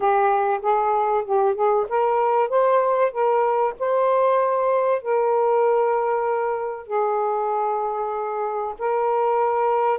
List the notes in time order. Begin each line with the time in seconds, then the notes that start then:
0.00 G4
0.62 G#4
1.24 G4
1.55 G#4
1.89 A#4
2.49 C5
3.11 A#4
3.79 C5
5.02 A#4
6.86 G#4
8.78 A#4